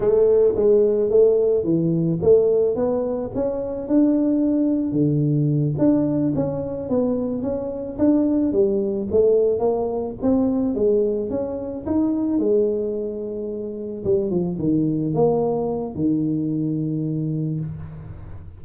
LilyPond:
\new Staff \with { instrumentName = "tuba" } { \time 4/4 \tempo 4 = 109 a4 gis4 a4 e4 | a4 b4 cis'4 d'4~ | d'4 d4. d'4 cis'8~ | cis'8 b4 cis'4 d'4 g8~ |
g8 a4 ais4 c'4 gis8~ | gis8 cis'4 dis'4 gis4.~ | gis4. g8 f8 dis4 ais8~ | ais4 dis2. | }